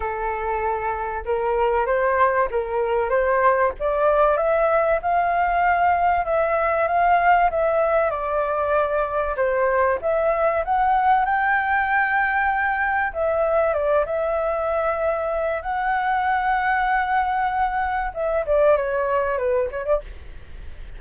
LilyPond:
\new Staff \with { instrumentName = "flute" } { \time 4/4 \tempo 4 = 96 a'2 ais'4 c''4 | ais'4 c''4 d''4 e''4 | f''2 e''4 f''4 | e''4 d''2 c''4 |
e''4 fis''4 g''2~ | g''4 e''4 d''8 e''4.~ | e''4 fis''2.~ | fis''4 e''8 d''8 cis''4 b'8 cis''16 d''16 | }